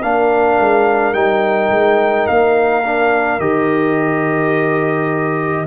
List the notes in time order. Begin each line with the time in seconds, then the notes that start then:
0.00 A#3 D4 A#4 F5
0.59 G#3
1.13 G3 D#4 G5
1.70 G#3
2.26 A#3 F5
2.84 D4
3.39 D#3 G4 D#5